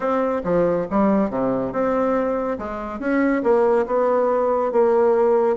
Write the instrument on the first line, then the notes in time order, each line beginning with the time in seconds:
bassoon
0.00 C4
0.44 F3
0.90 G3
1.30 C3
1.72 C4
2.58 G#3
2.99 C#4
3.43 A#3
3.86 B3
4.71 A#3